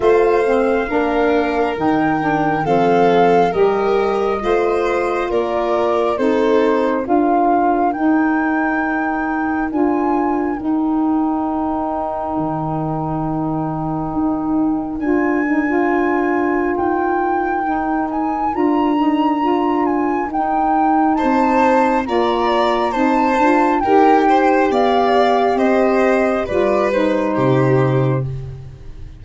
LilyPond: <<
  \new Staff \with { instrumentName = "flute" } { \time 4/4 \tempo 4 = 68 f''2 g''4 f''4 | dis''2 d''4 c''4 | f''4 g''2 gis''4 | g''1~ |
g''4 gis''2 g''4~ | g''8 gis''8 ais''4. gis''8 g''4 | a''4 ais''4 a''4 g''4 | f''4 dis''4 d''8 c''4. | }
  \new Staff \with { instrumentName = "violin" } { \time 4/4 c''4 ais'2 a'4 | ais'4 c''4 ais'4 a'4 | ais'1~ | ais'1~ |
ais'1~ | ais'1 | c''4 d''4 c''4 ais'8 c''8 | d''4 c''4 b'4 g'4 | }
  \new Staff \with { instrumentName = "saxophone" } { \time 4/4 f'8 c'8 d'4 dis'8 d'8 c'4 | g'4 f'2 dis'4 | f'4 dis'2 f'4 | dis'1~ |
dis'4 f'8 dis'16 f'2~ f'16 | dis'4 f'8 dis'8 f'4 dis'4~ | dis'4 f'4 dis'8 f'8 g'4~ | g'2 f'8 dis'4. | }
  \new Staff \with { instrumentName = "tuba" } { \time 4/4 a4 ais4 dis4 f4 | g4 a4 ais4 c'4 | d'4 dis'2 d'4 | dis'2 dis2 |
dis'4 d'2 dis'4~ | dis'4 d'2 dis'4 | c'4 ais4 c'8 d'8 dis'4 | b4 c'4 g4 c4 | }
>>